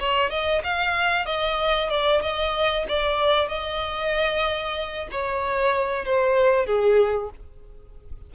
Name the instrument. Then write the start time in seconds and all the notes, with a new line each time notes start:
violin
0.00 C#5
0.30 D#5
0.64 F5
1.26 D#5
1.90 D5
2.22 D#5
2.88 D5
3.48 D#5
5.11 C#5
6.05 C5
6.66 G#4